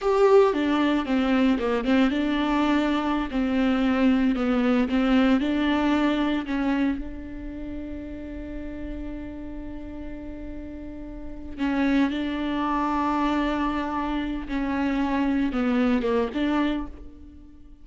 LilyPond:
\new Staff \with { instrumentName = "viola" } { \time 4/4 \tempo 4 = 114 g'4 d'4 c'4 ais8 c'8 | d'2~ d'16 c'4.~ c'16~ | c'16 b4 c'4 d'4.~ d'16~ | d'16 cis'4 d'2~ d'8.~ |
d'1~ | d'2 cis'4 d'4~ | d'2.~ d'8 cis'8~ | cis'4. b4 ais8 d'4 | }